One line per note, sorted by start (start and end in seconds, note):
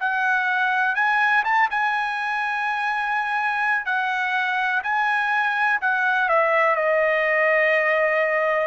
0.00 0.95 F#5
0.95 1.44 G#5
1.45 1.69 A5
1.71 3.86 G#5
3.86 4.83 F#5
4.83 5.80 G#5
5.82 6.29 F#5
6.29 6.76 E5
6.76 8.67 D#5